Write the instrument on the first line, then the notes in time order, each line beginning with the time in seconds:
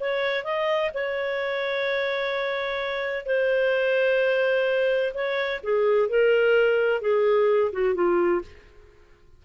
clarinet
0.00 C#5
0.44 D#5
0.94 C#5
3.26 C5
5.14 C#5
5.64 G#4
6.09 A#4
7.01 G#4
7.73 F#4
7.95 F4